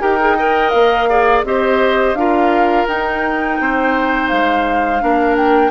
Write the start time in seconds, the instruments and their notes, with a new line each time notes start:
0.00 bassoon D#4, clarinet G4, oboe A#4, flute G5
0.20 clarinet G#4
0.38 clarinet A#4, oboe D#5
0.70 bassoon A#3, flute F5
1.09 clarinet G#4, oboe D5
1.43 bassoon C4, clarinet G4, oboe C5, flute D#5
2.14 bassoon D4, clarinet F4, oboe A#4, flute F5
2.87 bassoon D#4, clarinet D#4, flute G5
3.60 bassoon C4, oboe C5
4.28 bassoon G#3, flute F5
5.00 bassoon A#3, clarinet D4, oboe A#4
5.36 flute G5